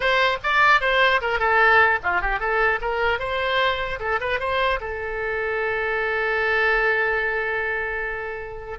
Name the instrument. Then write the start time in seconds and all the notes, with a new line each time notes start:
oboe
0.00 C5
0.43 D5
0.81 C5
1.21 A#4
1.39 A4
2.03 F4
2.21 G4
2.39 A4
2.81 A#4
3.19 C5
3.99 A4
4.20 B4
4.39 C5
4.80 A4